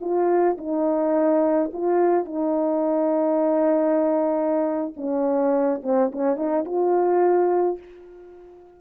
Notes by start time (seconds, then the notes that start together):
0.00 F4
0.57 D#4
1.73 F4
2.25 D#4
4.96 C#4
5.83 C4
6.12 C#4
6.36 D#4
6.64 F4